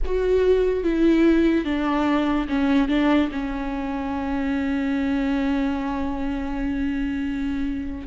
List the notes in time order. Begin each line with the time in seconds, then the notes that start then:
0.05 F#4
0.83 E4
1.64 D4
2.48 C#4
2.88 D4
3.31 C#4